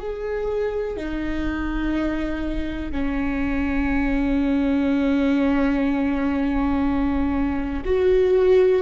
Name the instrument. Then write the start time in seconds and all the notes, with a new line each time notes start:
viola
0.00 G#4
0.97 D#4
2.92 C#4
7.86 F#4